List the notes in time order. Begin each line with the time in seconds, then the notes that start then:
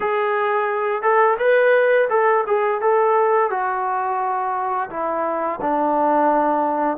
0.00 G#4
1.02 A4
1.38 B4
2.09 A4
2.46 G#4
2.81 A4
3.50 F#4
4.90 E4
5.61 D4